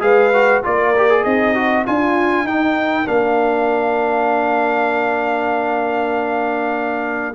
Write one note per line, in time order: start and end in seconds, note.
0.00 0.62 G#3
0.00 0.31 G#4
0.00 0.65 B4
0.00 0.63 F5
0.34 0.64 F#4
0.64 1.25 A#3
0.64 0.94 F4
0.64 1.24 A#4
0.64 1.24 D5
0.97 1.09 G4
1.09 1.55 G#4
1.24 1.86 C4
1.24 1.85 D#4
1.24 1.85 D#5
1.55 1.86 F#4
1.86 2.44 D4
1.86 2.47 F4
1.86 2.47 G#5
2.44 3.06 D#4
2.44 3.05 D#4
2.44 7.35 A#4
2.44 3.08 G5
3.05 7.35 A#3
3.05 7.34 D4
3.05 7.35 F5